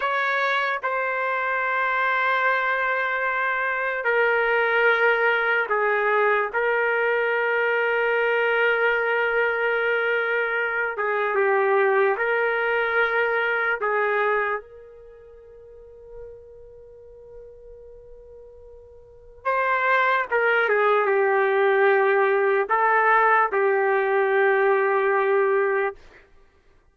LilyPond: \new Staff \with { instrumentName = "trumpet" } { \time 4/4 \tempo 4 = 74 cis''4 c''2.~ | c''4 ais'2 gis'4 | ais'1~ | ais'4. gis'8 g'4 ais'4~ |
ais'4 gis'4 ais'2~ | ais'1 | c''4 ais'8 gis'8 g'2 | a'4 g'2. | }